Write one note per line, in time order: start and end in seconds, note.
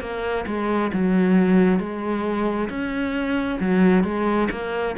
0.00 0.45 A#3
0.46 0.91 G#3
0.93 1.79 F#3
1.79 2.69 G#3
2.69 3.59 C#4
3.60 4.04 F#3
4.04 4.49 G#3
4.51 4.95 A#3